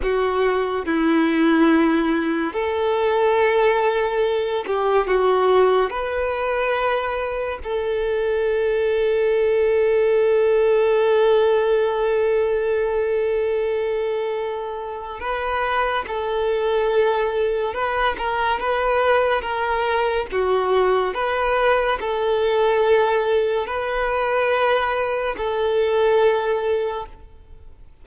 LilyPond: \new Staff \with { instrumentName = "violin" } { \time 4/4 \tempo 4 = 71 fis'4 e'2 a'4~ | a'4. g'8 fis'4 b'4~ | b'4 a'2.~ | a'1~ |
a'2 b'4 a'4~ | a'4 b'8 ais'8 b'4 ais'4 | fis'4 b'4 a'2 | b'2 a'2 | }